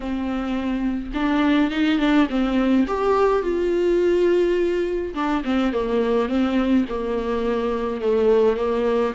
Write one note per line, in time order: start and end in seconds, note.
0.00 1.11 C4
1.14 1.70 D4
1.70 1.99 D#4
1.99 2.27 D4
2.29 2.86 C4
2.87 3.42 G4
3.42 5.14 F4
5.14 5.43 D4
5.44 5.72 C4
5.72 6.28 A#3
6.28 6.85 C4
6.88 8.01 A#3
8.01 8.56 A3
8.56 9.13 A#3